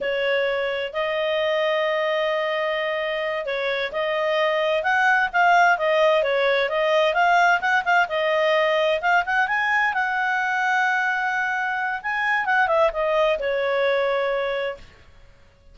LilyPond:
\new Staff \with { instrumentName = "clarinet" } { \time 4/4 \tempo 4 = 130 cis''2 dis''2~ | dis''2.~ dis''8 cis''8~ | cis''8 dis''2 fis''4 f''8~ | f''8 dis''4 cis''4 dis''4 f''8~ |
f''8 fis''8 f''8 dis''2 f''8 | fis''8 gis''4 fis''2~ fis''8~ | fis''2 gis''4 fis''8 e''8 | dis''4 cis''2. | }